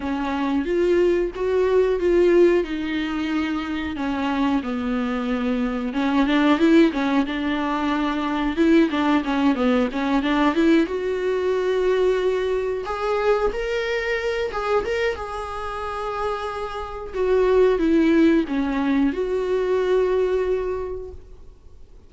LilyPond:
\new Staff \with { instrumentName = "viola" } { \time 4/4 \tempo 4 = 91 cis'4 f'4 fis'4 f'4 | dis'2 cis'4 b4~ | b4 cis'8 d'8 e'8 cis'8 d'4~ | d'4 e'8 d'8 cis'8 b8 cis'8 d'8 |
e'8 fis'2. gis'8~ | gis'8 ais'4. gis'8 ais'8 gis'4~ | gis'2 fis'4 e'4 | cis'4 fis'2. | }